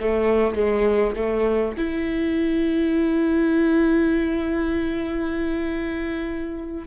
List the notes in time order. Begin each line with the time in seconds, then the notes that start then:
0.00 A3
0.55 G#3
1.16 A3
1.77 E4